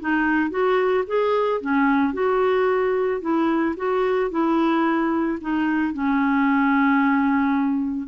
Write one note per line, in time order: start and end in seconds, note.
0.00 0.50 D#4
0.50 1.04 F#4
1.07 1.61 G#4
1.61 2.13 C#4
2.13 3.21 F#4
3.21 3.75 E4
3.76 4.30 F#4
4.30 5.38 E4
5.41 5.93 D#4
5.93 8.08 C#4